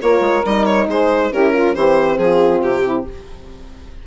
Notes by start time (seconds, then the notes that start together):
0.00 A#3 F4 A#4 C#5
0.20 G#3
0.45 G3 D#4 D#5
0.65 C#5
0.87 G#3 G#4 C5
1.30 C#4 E4 G4 A#4
1.53 F4
1.74 E3 C4 G4 C5
2.17 F3 F4 G#4
2.62 C3 G4
2.83 E4